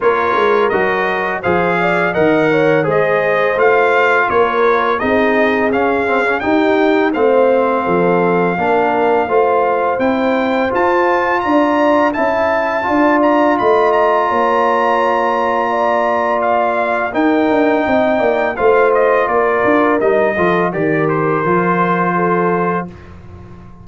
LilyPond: <<
  \new Staff \with { instrumentName = "trumpet" } { \time 4/4 \tempo 4 = 84 cis''4 dis''4 f''4 fis''4 | dis''4 f''4 cis''4 dis''4 | f''4 g''4 f''2~ | f''2 g''4 a''4 |
ais''4 a''4. ais''8 b''8 ais''8~ | ais''2. f''4 | g''2 f''8 dis''8 d''4 | dis''4 d''8 c''2~ c''8 | }
  \new Staff \with { instrumentName = "horn" } { \time 4/4 ais'2 c''8 d''8 dis''8 cis''8 | c''2 ais'4 gis'4~ | gis'4 g'4 c''4 a'4 | ais'4 c''2. |
d''4 e''4 d''4 dis''4 | cis''2 d''2 | ais'4 dis''8 d''8 c''4 ais'4~ | ais'8 a'8 ais'2 a'4 | }
  \new Staff \with { instrumentName = "trombone" } { \time 4/4 f'4 fis'4 gis'4 ais'4 | gis'4 f'2 dis'4 | cis'8 c'16 cis'16 dis'4 c'2 | d'4 f'4 e'4 f'4~ |
f'4 e'4 f'2~ | f'1 | dis'2 f'2 | dis'8 f'8 g'4 f'2 | }
  \new Staff \with { instrumentName = "tuba" } { \time 4/4 ais8 gis8 fis4 f4 dis4 | gis4 a4 ais4 c'4 | cis'4 dis'4 a4 f4 | ais4 a4 c'4 f'4 |
d'4 cis'4 d'4 a4 | ais1 | dis'8 d'8 c'8 ais8 a4 ais8 d'8 | g8 f8 dis4 f2 | }
>>